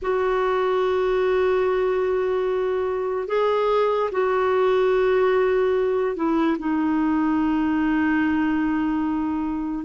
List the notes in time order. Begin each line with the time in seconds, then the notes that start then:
0.02 F#4
3.27 G#4
4.11 F#4
6.16 E4
6.59 D#4